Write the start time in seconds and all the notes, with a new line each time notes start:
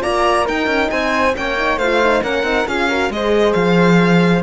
0.00 A#3 F4 D5 A#5
0.44 D#4 A#4 G5
0.67 C#4
0.90 C4 C5 G#5
1.34 A#3 C#4 C#5 G5
1.57 D#4
1.77 A3 F4 C5 F5
2.02 D#4
2.23 A#3 C#4 A#4 F#5
2.43 C4 D#4
2.67 C#4 F4 G#4 F5
2.89 F#4 A#4
3.09 G#3 G#4 D#5
3.16 C5
3.53 F3 F5